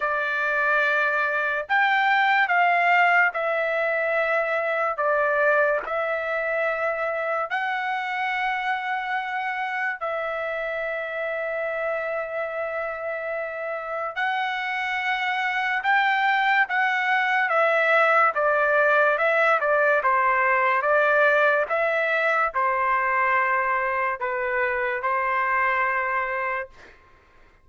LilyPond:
\new Staff \with { instrumentName = "trumpet" } { \time 4/4 \tempo 4 = 72 d''2 g''4 f''4 | e''2 d''4 e''4~ | e''4 fis''2. | e''1~ |
e''4 fis''2 g''4 | fis''4 e''4 d''4 e''8 d''8 | c''4 d''4 e''4 c''4~ | c''4 b'4 c''2 | }